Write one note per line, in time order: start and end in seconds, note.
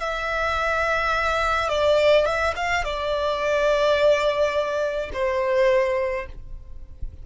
0.00 1.69 E5
1.69 2.25 D5
2.25 2.54 E5
2.56 2.84 F5
2.84 5.10 D5
5.13 6.26 C5